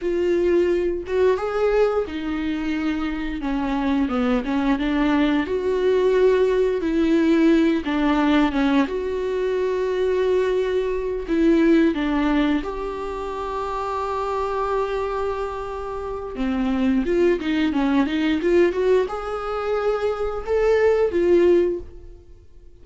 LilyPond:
\new Staff \with { instrumentName = "viola" } { \time 4/4 \tempo 4 = 88 f'4. fis'8 gis'4 dis'4~ | dis'4 cis'4 b8 cis'8 d'4 | fis'2 e'4. d'8~ | d'8 cis'8 fis'2.~ |
fis'8 e'4 d'4 g'4.~ | g'1 | c'4 f'8 dis'8 cis'8 dis'8 f'8 fis'8 | gis'2 a'4 f'4 | }